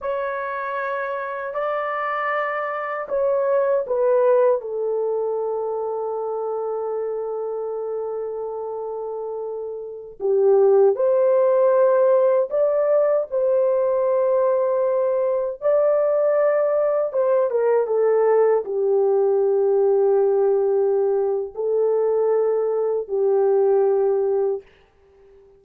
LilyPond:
\new Staff \with { instrumentName = "horn" } { \time 4/4 \tempo 4 = 78 cis''2 d''2 | cis''4 b'4 a'2~ | a'1~ | a'4~ a'16 g'4 c''4.~ c''16~ |
c''16 d''4 c''2~ c''8.~ | c''16 d''2 c''8 ais'8 a'8.~ | a'16 g'2.~ g'8. | a'2 g'2 | }